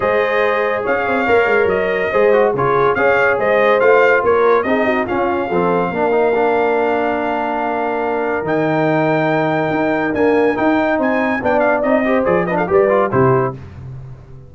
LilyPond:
<<
  \new Staff \with { instrumentName = "trumpet" } { \time 4/4 \tempo 4 = 142 dis''2 f''2 | dis''2 cis''4 f''4 | dis''4 f''4 cis''4 dis''4 | f''1~ |
f''1 | g''1 | gis''4 g''4 gis''4 g''8 f''8 | dis''4 d''8 dis''16 f''16 d''4 c''4 | }
  \new Staff \with { instrumentName = "horn" } { \time 4/4 c''2 cis''2~ | cis''4 c''4 gis'4 cis''4 | c''2 ais'4 gis'8 fis'8 | f'4 a'4 ais'2~ |
ais'1~ | ais'1~ | ais'2 c''4 d''4~ | d''8 c''4 b'16 a'16 b'4 g'4 | }
  \new Staff \with { instrumentName = "trombone" } { \time 4/4 gis'2. ais'4~ | ais'4 gis'8 fis'8 f'4 gis'4~ | gis'4 f'2 dis'4 | cis'4 c'4 d'8 dis'8 d'4~ |
d'1 | dis'1 | ais4 dis'2 d'4 | dis'8 g'8 gis'8 d'8 g'8 f'8 e'4 | }
  \new Staff \with { instrumentName = "tuba" } { \time 4/4 gis2 cis'8 c'8 ais8 gis8 | fis4 gis4 cis4 cis'4 | gis4 a4 ais4 c'4 | cis'4 f4 ais2~ |
ais1 | dis2. dis'4 | d'4 dis'4 c'4 b4 | c'4 f4 g4 c4 | }
>>